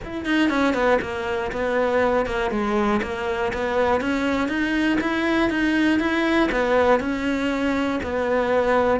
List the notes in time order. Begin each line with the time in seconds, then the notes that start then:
0.04 E4
0.25 D#4
0.49 C#4
0.73 B3
1.01 A#3
1.51 B3
2.26 A#3
2.50 G#3
3.02 A#3
3.52 B3
4.00 C#4
4.48 D#4
5.00 E4
5.50 D#4
5.99 E4
6.51 B3
7.00 C#4
8.03 B3